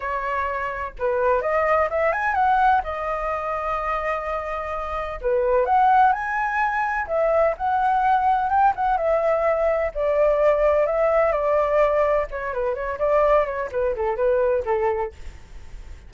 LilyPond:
\new Staff \with { instrumentName = "flute" } { \time 4/4 \tempo 4 = 127 cis''2 b'4 dis''4 | e''8 gis''8 fis''4 dis''2~ | dis''2. b'4 | fis''4 gis''2 e''4 |
fis''2 g''8 fis''8 e''4~ | e''4 d''2 e''4 | d''2 cis''8 b'8 cis''8 d''8~ | d''8 cis''8 b'8 a'8 b'4 a'4 | }